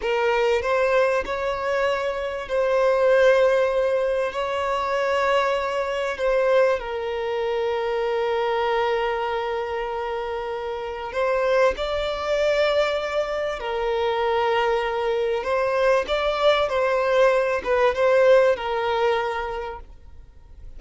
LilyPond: \new Staff \with { instrumentName = "violin" } { \time 4/4 \tempo 4 = 97 ais'4 c''4 cis''2 | c''2. cis''4~ | cis''2 c''4 ais'4~ | ais'1~ |
ais'2 c''4 d''4~ | d''2 ais'2~ | ais'4 c''4 d''4 c''4~ | c''8 b'8 c''4 ais'2 | }